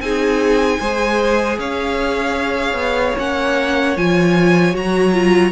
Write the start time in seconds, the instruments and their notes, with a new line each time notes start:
0.00 cello C4, viola D#4, violin G#4 G#5
0.79 cello G#3, viola G#4, violin C5
1.58 cello C#4, violin C#5 F5
2.73 cello B3
3.18 cello A#3, viola C#4, violin F#5
3.96 cello F3, viola F4, violin G#5
4.73 cello F#3, viola F#4, violin A#5
5.13 viola F4